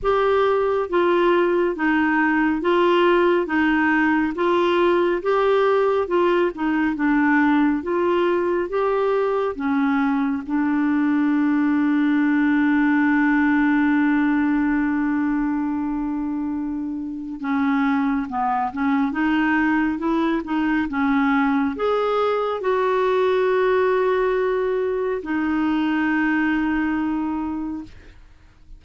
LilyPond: \new Staff \with { instrumentName = "clarinet" } { \time 4/4 \tempo 4 = 69 g'4 f'4 dis'4 f'4 | dis'4 f'4 g'4 f'8 dis'8 | d'4 f'4 g'4 cis'4 | d'1~ |
d'1 | cis'4 b8 cis'8 dis'4 e'8 dis'8 | cis'4 gis'4 fis'2~ | fis'4 dis'2. | }